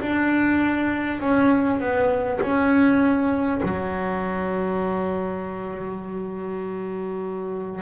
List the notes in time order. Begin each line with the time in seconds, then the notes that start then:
0.00 D4
1.19 C#4
1.80 B3
2.41 C#4
3.63 F#3